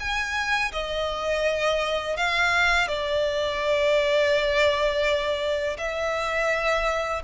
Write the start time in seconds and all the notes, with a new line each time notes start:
0.00 G#5
0.73 D#5
2.17 F5
2.88 D5
5.78 E5